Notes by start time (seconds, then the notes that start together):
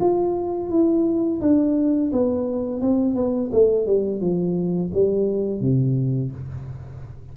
0.00 F4
0.70 E4
1.41 D4
2.12 B3
2.81 C4
3.15 B3
3.52 A3
3.86 G3
4.20 F3
4.93 G3
5.61 C3